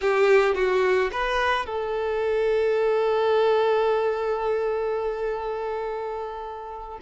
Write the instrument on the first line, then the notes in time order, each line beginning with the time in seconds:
violin
0.01 G4
0.54 F#4
1.12 B4
1.66 A4